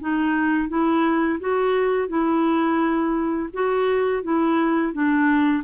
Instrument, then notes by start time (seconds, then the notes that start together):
clarinet
0.00 D#4
0.68 E4
1.40 F#4
2.08 E4
3.53 F#4
4.23 E4
4.93 D4